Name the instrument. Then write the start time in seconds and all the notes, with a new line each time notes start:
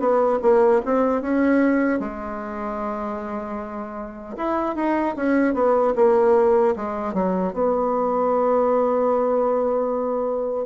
bassoon
0.00 B3
0.42 A#3
0.86 C4
1.22 C#4
2.00 G#3
4.37 E4
4.76 D#4
5.16 C#4
5.54 B3
5.96 A#3
6.76 G#3
7.14 F#3
7.54 B3